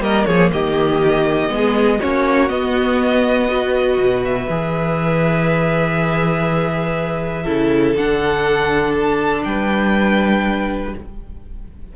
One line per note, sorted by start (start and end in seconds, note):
0.00 0.25 G3
0.00 1.49 A#3
0.00 0.27 A#4
0.00 0.25 D#5
0.25 0.51 F3
0.25 0.51 G#4
0.25 0.49 C#5
0.52 1.49 D#3
0.52 1.52 G4
0.52 2.01 D#5
1.49 1.99 G#3
1.49 1.98 B3
1.49 1.99 G#4
1.99 2.50 A#3
1.99 2.49 C#4
1.99 3.48 F#4
1.99 2.49 C#5
2.49 3.48 B3
2.49 3.97 B3
2.49 4.22 D#5
3.48 4.47 F#4
3.48 7.42 B4
3.97 4.47 B2
4.24 7.96 E5
4.49 7.45 E3
4.49 7.45 G#4
7.42 7.95 C#3
7.42 7.95 E4
7.42 9.41 A4
7.97 9.45 D3
7.97 10.95 D4
7.97 8.93 F#5
8.93 9.42 A5
9.44 10.94 G3
9.44 10.95 B4
9.44 10.92 G5